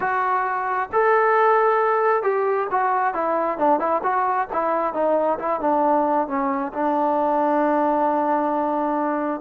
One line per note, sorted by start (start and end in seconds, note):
0.00 0.89 F#4
0.92 2.22 A4
2.22 2.67 G4
2.70 3.13 F#4
3.13 3.58 E4
3.58 3.79 D4
3.79 4.01 E4
4.03 4.47 F#4
4.52 4.93 E4
4.93 5.38 D#4
5.38 5.60 E4
5.60 6.27 D4
6.27 6.72 C#4
6.73 9.40 D4